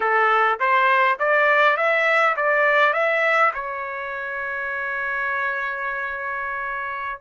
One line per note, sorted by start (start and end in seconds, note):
0.00 0.59 A4
0.59 1.18 C5
1.19 1.76 D5
1.76 2.35 E5
2.36 2.93 D5
2.93 3.52 E5
3.54 7.21 C#5